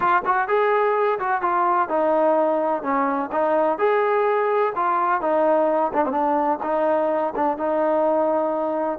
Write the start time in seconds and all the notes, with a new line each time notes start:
0.00 F4
0.25 F#4
0.47 G#4
1.19 F#4
1.41 F4
1.88 D#4
2.82 C#4
3.32 D#4
3.78 G#4
4.75 F4
5.21 D#4
5.93 D4
6.05 C4
6.11 D4
6.62 D#4
7.35 D4
7.57 D#4